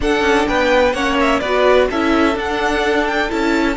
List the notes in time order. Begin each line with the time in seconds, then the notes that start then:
0.00 D4 A4 F#5
0.21 C#4
0.46 B3 B4 G5
0.92 A#3 C#4 C#5 F#5
1.20 E5
1.39 B3 F#4 B4 D5
1.89 C#4 E4 A4 E5
2.34 D4 F#5
3.07 G5
3.29 C#4 E4 A5